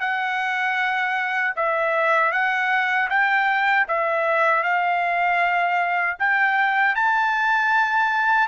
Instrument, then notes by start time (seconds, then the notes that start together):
trumpet
0.00 F#5
1.56 E5
2.32 F#5
3.09 G5
3.88 E5
4.63 F5
6.19 G5
6.95 A5